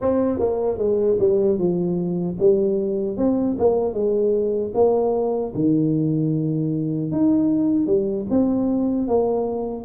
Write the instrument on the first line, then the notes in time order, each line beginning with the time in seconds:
tuba
0.01 C4
0.39 A#3
0.78 G#3
1.19 G3
1.58 F3
2.39 G3
3.17 C4
3.58 A#3
3.93 G#3
4.74 A#3
5.54 D#3
7.11 D#4
7.86 G3
8.29 C4
9.07 A#3